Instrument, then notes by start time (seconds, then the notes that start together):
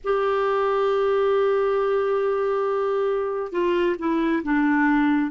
clarinet
0.04 G4
3.51 F4
3.98 E4
4.44 D4